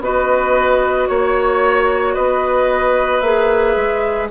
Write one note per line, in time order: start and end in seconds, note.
0.00 1.07 B3
0.00 3.23 F#4
0.00 1.09 B4
0.00 1.08 D#5
1.08 2.16 A#3
1.08 2.14 C#5
2.14 3.21 B3
2.14 4.28 B4
2.14 3.20 D#5
3.20 3.75 A#3
3.20 4.30 G#4
3.20 4.27 E5
3.76 4.29 G#3